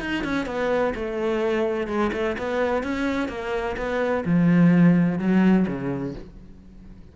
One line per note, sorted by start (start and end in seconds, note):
0.00 0.24 D#4
0.24 0.46 C#4
0.46 0.93 B3
0.94 1.87 A3
1.87 2.11 G#3
2.12 2.36 A3
2.38 2.83 B3
2.83 3.28 C#4
3.28 3.76 A#3
3.77 4.24 B3
4.25 5.19 F3
5.19 5.66 F#3
5.67 6.14 C#3